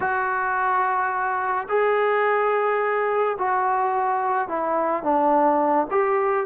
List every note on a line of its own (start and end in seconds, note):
0.00 1.67 F#4
1.68 3.37 G#4
3.38 4.48 F#4
4.48 5.03 E4
5.03 5.87 D4
5.90 6.46 G4